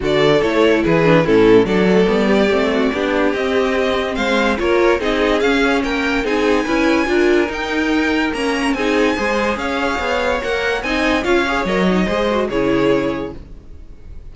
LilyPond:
<<
  \new Staff \with { instrumentName = "violin" } { \time 4/4 \tempo 4 = 144 d''4 cis''4 b'4 a'4 | d''1 | dis''2 f''4 cis''4 | dis''4 f''4 g''4 gis''4~ |
gis''2 g''2 | ais''4 gis''2 f''4~ | f''4 fis''4 gis''4 f''4 | dis''2 cis''2 | }
  \new Staff \with { instrumentName = "violin" } { \time 4/4 a'2 gis'4 e'4 | a'4. g'4 fis'8 g'4~ | g'2 c''4 ais'4 | gis'2 ais'4 gis'4 |
b'4 ais'2.~ | ais'4 gis'4 c''4 cis''4~ | cis''2 dis''4 cis''4~ | cis''4 c''4 gis'2 | }
  \new Staff \with { instrumentName = "viola" } { \time 4/4 fis'4 e'4. d'8 cis'4 | d'8 a8 b4 c'4 d'4 | c'2. f'4 | dis'4 cis'2 dis'4 |
e'4 f'4 dis'2 | cis'4 dis'4 gis'2~ | gis'4 ais'4 dis'4 f'8 gis'8 | ais'8 dis'8 gis'8 fis'8 e'2 | }
  \new Staff \with { instrumentName = "cello" } { \time 4/4 d4 a4 e4 a,4 | fis4 g4 a4 b4 | c'2 gis4 ais4 | c'4 cis'4 ais4 c'4 |
cis'4 d'4 dis'2 | ais4 c'4 gis4 cis'4 | b4 ais4 c'4 cis'4 | fis4 gis4 cis2 | }
>>